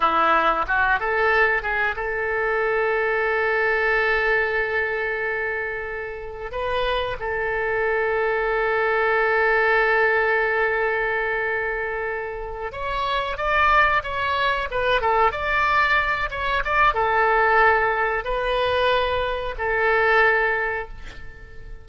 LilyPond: \new Staff \with { instrumentName = "oboe" } { \time 4/4 \tempo 4 = 92 e'4 fis'8 a'4 gis'8 a'4~ | a'1~ | a'2 b'4 a'4~ | a'1~ |
a'2.~ a'8 cis''8~ | cis''8 d''4 cis''4 b'8 a'8 d''8~ | d''4 cis''8 d''8 a'2 | b'2 a'2 | }